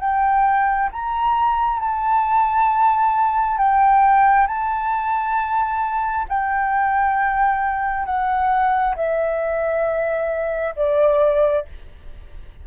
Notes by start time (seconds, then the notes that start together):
0.00 G5
0.92 A#5
1.80 A5
3.58 G5
4.47 A5
6.28 G5
8.06 F#5
8.96 E5
10.76 D5